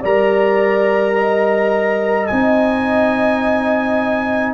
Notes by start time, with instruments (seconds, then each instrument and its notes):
0.00 tuba G3, trombone A#4, horn D5, trumpet A#5
1.15 horn D#5
2.27 tuba C4, trombone D#4, trumpet G#5